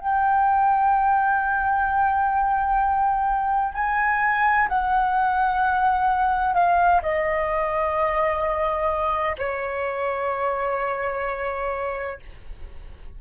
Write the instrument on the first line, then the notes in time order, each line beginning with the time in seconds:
flute
0.00 G5
3.75 G#5
4.69 F#5
6.55 F5
7.02 D#5
9.38 C#5